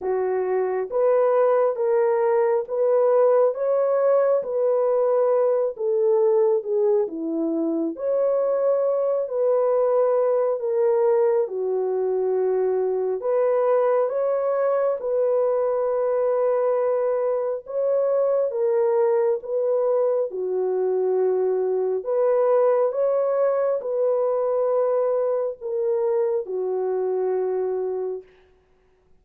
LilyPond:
\new Staff \with { instrumentName = "horn" } { \time 4/4 \tempo 4 = 68 fis'4 b'4 ais'4 b'4 | cis''4 b'4. a'4 gis'8 | e'4 cis''4. b'4. | ais'4 fis'2 b'4 |
cis''4 b'2. | cis''4 ais'4 b'4 fis'4~ | fis'4 b'4 cis''4 b'4~ | b'4 ais'4 fis'2 | }